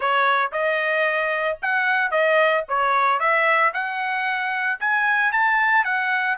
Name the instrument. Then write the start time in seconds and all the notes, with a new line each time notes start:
trumpet
0.00 C#5
0.52 D#5
1.62 F#5
2.10 D#5
2.68 C#5
3.19 E5
3.73 F#5
4.80 G#5
5.31 A5
5.84 F#5